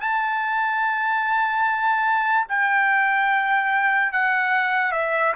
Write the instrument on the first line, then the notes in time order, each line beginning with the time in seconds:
trumpet
0.00 A5
2.48 G5
4.12 F#5
4.91 E5